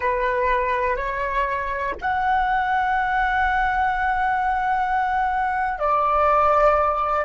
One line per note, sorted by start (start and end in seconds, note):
0.00 0.96 B4
0.96 1.94 C#5
2.01 5.78 F#5
5.78 7.25 D5